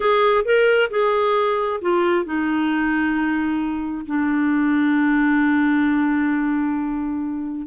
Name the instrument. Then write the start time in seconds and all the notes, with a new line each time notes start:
clarinet
0.00 G#4
0.44 A#4
0.90 G#4
1.81 F4
2.25 D#4
4.06 D4